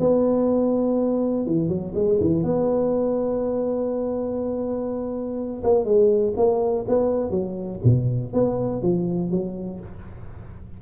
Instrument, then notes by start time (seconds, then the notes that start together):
tuba
0.00 B3
1.46 E3
1.69 F#3
1.95 G#3
2.20 E3
2.43 B3
5.64 A#3
5.85 G#3
6.37 A#3
6.88 B3
7.31 F#3
7.84 B2
8.33 B3
8.82 F3
9.31 F#3